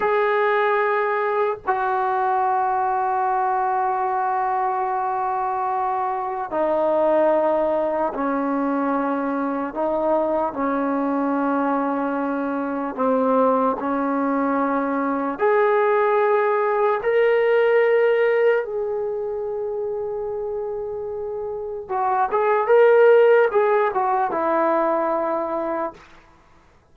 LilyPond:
\new Staff \with { instrumentName = "trombone" } { \time 4/4 \tempo 4 = 74 gis'2 fis'2~ | fis'1 | dis'2 cis'2 | dis'4 cis'2. |
c'4 cis'2 gis'4~ | gis'4 ais'2 gis'4~ | gis'2. fis'8 gis'8 | ais'4 gis'8 fis'8 e'2 | }